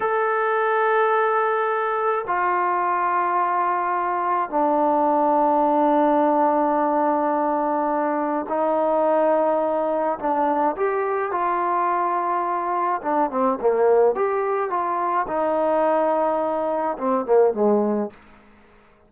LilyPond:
\new Staff \with { instrumentName = "trombone" } { \time 4/4 \tempo 4 = 106 a'1 | f'1 | d'1~ | d'2. dis'4~ |
dis'2 d'4 g'4 | f'2. d'8 c'8 | ais4 g'4 f'4 dis'4~ | dis'2 c'8 ais8 gis4 | }